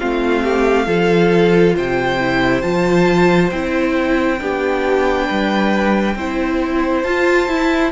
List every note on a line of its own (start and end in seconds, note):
0.00 0.87 A3
0.00 0.86 C4
0.00 0.44 F4
0.00 1.76 F5
0.44 0.87 G4
0.86 1.76 F3
0.86 2.18 F4
0.86 1.76 A4
1.76 2.63 C3
1.76 4.41 C5
1.76 2.62 G5
2.20 2.63 E4
2.62 3.52 F3
2.62 3.51 F4
2.62 3.51 A5
3.51 4.41 C4
3.51 4.40 E4
3.51 7.03 G5
4.40 5.29 B3
4.40 6.17 D4
4.40 5.27 G4
5.27 6.16 G3
5.27 6.15 B4
6.16 7.04 C4
6.16 7.07 E4
6.16 7.92 C5
7.03 7.48 F4
7.03 7.49 F4
7.03 7.91 A5
7.49 7.92 E4